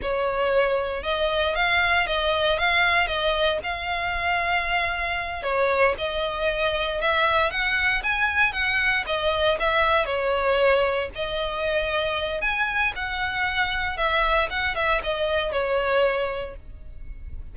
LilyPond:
\new Staff \with { instrumentName = "violin" } { \time 4/4 \tempo 4 = 116 cis''2 dis''4 f''4 | dis''4 f''4 dis''4 f''4~ | f''2~ f''8 cis''4 dis''8~ | dis''4. e''4 fis''4 gis''8~ |
gis''8 fis''4 dis''4 e''4 cis''8~ | cis''4. dis''2~ dis''8 | gis''4 fis''2 e''4 | fis''8 e''8 dis''4 cis''2 | }